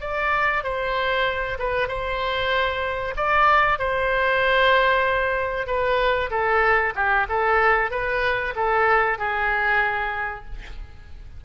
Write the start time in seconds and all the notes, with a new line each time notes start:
0.00 D5
0.63 C5
1.59 B4
1.88 C5
3.16 D5
3.78 C5
5.66 B4
6.30 A4
6.95 G4
7.29 A4
7.91 B4
8.56 A4
9.18 G#4